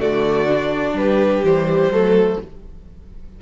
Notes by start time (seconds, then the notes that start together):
0.00 D3 A3 F#4 D5
0.49 D4
0.94 G3 G4 B4
1.43 E3 G3 C5
1.89 F#3 A3 A4